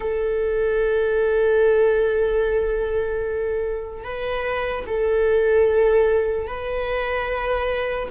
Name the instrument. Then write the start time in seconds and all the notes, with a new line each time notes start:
viola
0.00 A4
4.04 B4
4.86 A4
6.46 B4